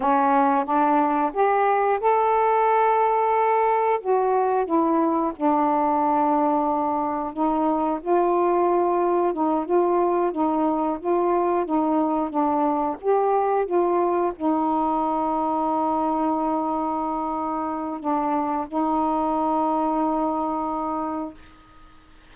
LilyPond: \new Staff \with { instrumentName = "saxophone" } { \time 4/4 \tempo 4 = 90 cis'4 d'4 g'4 a'4~ | a'2 fis'4 e'4 | d'2. dis'4 | f'2 dis'8 f'4 dis'8~ |
dis'8 f'4 dis'4 d'4 g'8~ | g'8 f'4 dis'2~ dis'8~ | dis'2. d'4 | dis'1 | }